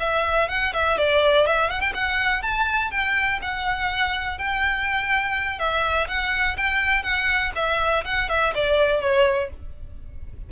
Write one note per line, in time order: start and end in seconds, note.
0.00 0.49 E5
0.49 0.73 F#5
0.73 0.98 E5
0.98 1.47 D5
1.47 1.70 E5
1.70 1.81 F#5
1.81 1.93 G5
1.94 2.42 F#5
2.42 2.91 A5
2.91 3.40 G5
3.42 4.38 F#5
4.38 5.59 G5
5.59 6.08 E5
6.08 6.57 F#5
6.57 7.03 G5
7.03 7.52 F#5
7.55 8.04 E5
8.05 8.29 F#5
8.29 8.54 E5
8.55 9.01 D5
9.01 9.50 C#5